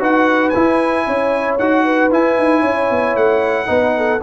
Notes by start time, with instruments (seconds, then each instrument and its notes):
0.00 tuba D#4, trombone F#4, horn B4, trumpet F#5
0.50 trombone E4, trumpet G#5
0.56 tuba E4
1.07 tuba C#4, horn C#5
1.59 tuba D#4, trombone F#4, trumpet F#5
1.84 horn B4
2.12 tuba E4, trombone E4, trumpet G#5
2.38 tuba D#4
2.61 tuba C#4, horn C#5
2.91 tuba B3
3.16 tuba A3, trumpet F#5
3.66 tuba B3, trombone D#4, horn B4
3.97 horn A4